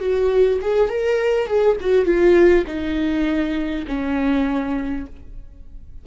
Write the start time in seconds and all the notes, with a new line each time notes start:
0.00 F#4
0.61 G#4
0.89 A#4
1.47 G#4
1.81 F#4
2.05 F4
2.67 D#4
3.87 C#4